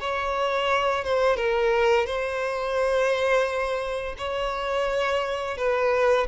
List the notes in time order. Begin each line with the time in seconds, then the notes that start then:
0.00 C#5
1.04 C5
1.36 A#4
2.06 C5
4.18 C#5
5.57 B4